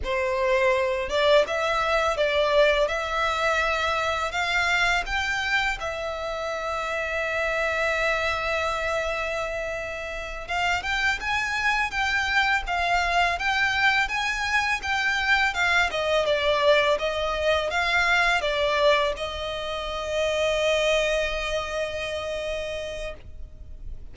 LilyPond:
\new Staff \with { instrumentName = "violin" } { \time 4/4 \tempo 4 = 83 c''4. d''8 e''4 d''4 | e''2 f''4 g''4 | e''1~ | e''2~ e''8 f''8 g''8 gis''8~ |
gis''8 g''4 f''4 g''4 gis''8~ | gis''8 g''4 f''8 dis''8 d''4 dis''8~ | dis''8 f''4 d''4 dis''4.~ | dis''1 | }